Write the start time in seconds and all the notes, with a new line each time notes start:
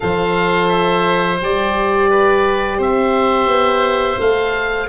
0.00 F3 A4 C5 F5
0.68 E5
1.41 G3 G4 D5
2.09 B4
2.77 C4 C5 E5
3.46 B3
4.19 A3 A4 F5